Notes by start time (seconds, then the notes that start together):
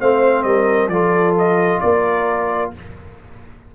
0.00 A3 C4 C5 F5
0.43 G3 A#4 D#5
0.87 F3 F4 A4 D5
1.38 D#5
1.80 A#3 A#4 D5